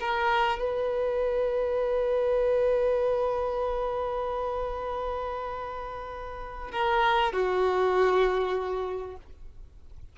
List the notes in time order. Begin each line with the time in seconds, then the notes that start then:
0.00 A#4
0.59 B4
6.72 A#4
7.32 F#4